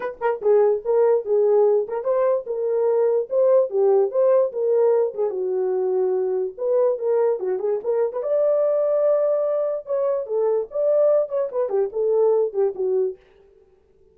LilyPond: \new Staff \with { instrumentName = "horn" } { \time 4/4 \tempo 4 = 146 b'8 ais'8 gis'4 ais'4 gis'4~ | gis'8 ais'8 c''4 ais'2 | c''4 g'4 c''4 ais'4~ | ais'8 gis'8 fis'2. |
b'4 ais'4 fis'8 gis'8 ais'8. b'16 | d''1 | cis''4 a'4 d''4. cis''8 | b'8 g'8 a'4. g'8 fis'4 | }